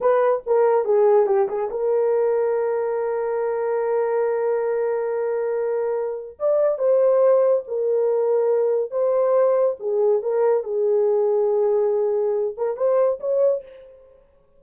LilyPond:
\new Staff \with { instrumentName = "horn" } { \time 4/4 \tempo 4 = 141 b'4 ais'4 gis'4 g'8 gis'8 | ais'1~ | ais'1~ | ais'2. d''4 |
c''2 ais'2~ | ais'4 c''2 gis'4 | ais'4 gis'2.~ | gis'4. ais'8 c''4 cis''4 | }